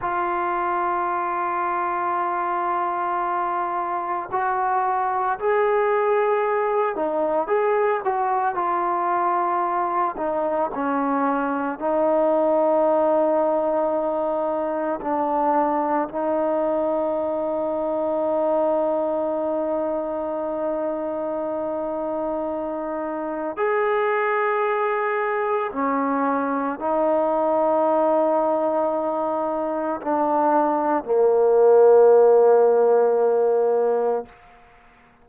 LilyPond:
\new Staff \with { instrumentName = "trombone" } { \time 4/4 \tempo 4 = 56 f'1 | fis'4 gis'4. dis'8 gis'8 fis'8 | f'4. dis'8 cis'4 dis'4~ | dis'2 d'4 dis'4~ |
dis'1~ | dis'2 gis'2 | cis'4 dis'2. | d'4 ais2. | }